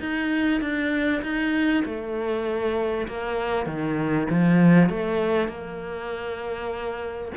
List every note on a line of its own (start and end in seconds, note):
0.00 0.61 D#4
0.61 1.22 D4
1.22 1.84 D#4
1.85 3.07 A3
3.08 3.66 A#3
3.66 4.27 D#3
4.30 4.89 F3
4.89 5.48 A3
5.48 7.32 A#3